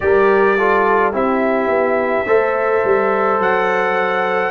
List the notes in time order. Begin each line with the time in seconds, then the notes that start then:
0.00 G3 G4 A#4 D5
0.58 F4 A4
1.12 C4 E4 G4 E5
1.67 B3
2.25 A3 A4 C5
2.84 G3
3.38 F#3 F#5